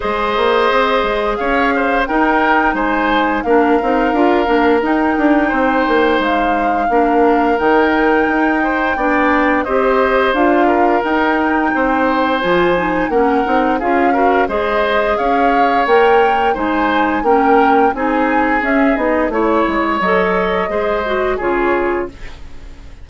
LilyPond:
<<
  \new Staff \with { instrumentName = "flute" } { \time 4/4 \tempo 4 = 87 dis''2 f''4 g''4 | gis''4 f''2 g''4~ | g''4 f''2 g''4~ | g''2 dis''4 f''4 |
g''2 gis''4 fis''4 | f''4 dis''4 f''4 g''4 | gis''4 g''4 gis''4 e''8 dis''8 | cis''4 dis''2 cis''4 | }
  \new Staff \with { instrumentName = "oboe" } { \time 4/4 c''2 cis''8 c''8 ais'4 | c''4 ais'2. | c''2 ais'2~ | ais'8 c''8 d''4 c''4. ais'8~ |
ais'4 c''2 ais'4 | gis'8 ais'8 c''4 cis''2 | c''4 ais'4 gis'2 | cis''2 c''4 gis'4 | }
  \new Staff \with { instrumentName = "clarinet" } { \time 4/4 gis'2. dis'4~ | dis'4 d'8 dis'8 f'8 d'8 dis'4~ | dis'2 d'4 dis'4~ | dis'4 d'4 g'4 f'4 |
dis'2 f'8 dis'8 cis'8 dis'8 | f'8 fis'8 gis'2 ais'4 | dis'4 cis'4 dis'4 cis'8 dis'8 | e'4 a'4 gis'8 fis'8 f'4 | }
  \new Staff \with { instrumentName = "bassoon" } { \time 4/4 gis8 ais8 c'8 gis8 cis'4 dis'4 | gis4 ais8 c'8 d'8 ais8 dis'8 d'8 | c'8 ais8 gis4 ais4 dis4 | dis'4 b4 c'4 d'4 |
dis'4 c'4 f4 ais8 c'8 | cis'4 gis4 cis'4 ais4 | gis4 ais4 c'4 cis'8 b8 | a8 gis8 fis4 gis4 cis4 | }
>>